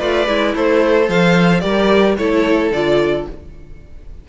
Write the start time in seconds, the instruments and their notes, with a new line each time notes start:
0.00 cello A3, violin F4 D5, viola B4
0.28 cello G#3, violin E4
0.56 cello A3, viola A4, violin C5
1.07 cello F3, violin C5 F5
1.61 cello G3, viola G4, violin A#4 D5
2.18 cello A3, viola E4, violin A4 C#5
2.72 cello D3, viola F4, violin D5